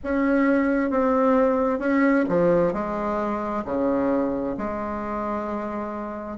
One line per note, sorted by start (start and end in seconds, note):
0.03 0.90 C#4
0.90 1.79 C4
1.79 2.24 C#4
2.29 2.73 F3
2.73 3.64 G#3
3.64 4.55 C#3
4.57 6.37 G#3